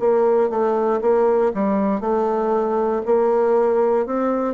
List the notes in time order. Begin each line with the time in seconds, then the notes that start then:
0.00 A#3
0.50 A3
1.02 A#3
1.54 G3
2.01 A3
3.06 A#3
4.06 C4